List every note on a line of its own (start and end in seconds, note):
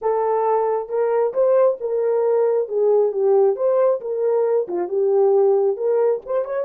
0.01 0.88 A4
0.88 1.33 A#4
1.33 1.78 C5
1.80 2.68 A#4
2.68 3.12 G#4
3.12 3.56 G4
3.56 4.00 C5
4.00 4.67 A#4
4.68 4.88 F4
4.88 5.77 G4
5.77 6.21 A#4
6.25 6.44 C5
6.44 6.65 C#5